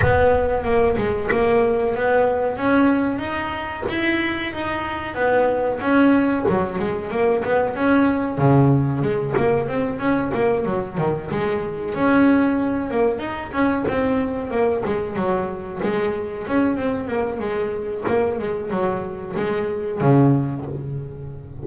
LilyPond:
\new Staff \with { instrumentName = "double bass" } { \time 4/4 \tempo 4 = 93 b4 ais8 gis8 ais4 b4 | cis'4 dis'4 e'4 dis'4 | b4 cis'4 fis8 gis8 ais8 b8 | cis'4 cis4 gis8 ais8 c'8 cis'8 |
ais8 fis8 dis8 gis4 cis'4. | ais8 dis'8 cis'8 c'4 ais8 gis8 fis8~ | fis8 gis4 cis'8 c'8 ais8 gis4 | ais8 gis8 fis4 gis4 cis4 | }